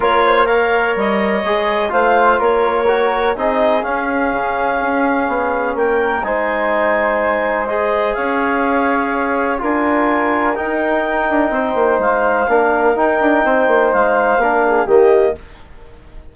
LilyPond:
<<
  \new Staff \with { instrumentName = "clarinet" } { \time 4/4 \tempo 4 = 125 cis''4 f''4 dis''2 | f''4 cis''2 dis''4 | f''1 | g''4 gis''2. |
dis''4 f''2. | gis''2 g''2~ | g''4 f''2 g''4~ | g''4 f''2 dis''4 | }
  \new Staff \with { instrumentName = "flute" } { \time 4/4 ais'8 c''8 cis''2. | c''4 ais'2 gis'4~ | gis'1 | ais'4 c''2.~ |
c''4 cis''2. | ais'1 | c''2 ais'2 | c''2 ais'8 gis'8 g'4 | }
  \new Staff \with { instrumentName = "trombone" } { \time 4/4 f'4 ais'2 gis'4 | f'2 fis'4 dis'4 | cis'1~ | cis'4 dis'2. |
gis'1 | f'2 dis'2~ | dis'2 d'4 dis'4~ | dis'2 d'4 ais4 | }
  \new Staff \with { instrumentName = "bassoon" } { \time 4/4 ais2 g4 gis4 | a4 ais2 c'4 | cis'4 cis4 cis'4 b4 | ais4 gis2.~ |
gis4 cis'2. | d'2 dis'4. d'8 | c'8 ais8 gis4 ais4 dis'8 d'8 | c'8 ais8 gis4 ais4 dis4 | }
>>